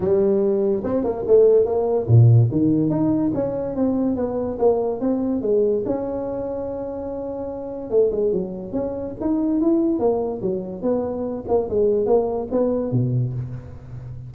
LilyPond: \new Staff \with { instrumentName = "tuba" } { \time 4/4 \tempo 4 = 144 g2 c'8 ais8 a4 | ais4 ais,4 dis4 dis'4 | cis'4 c'4 b4 ais4 | c'4 gis4 cis'2~ |
cis'2. a8 gis8 | fis4 cis'4 dis'4 e'4 | ais4 fis4 b4. ais8 | gis4 ais4 b4 b,4 | }